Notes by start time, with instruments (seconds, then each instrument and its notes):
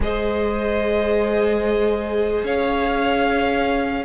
0.00 cello G#3, viola G#4, violin C5 D#5
2.43 cello C#4, violin C#5 F5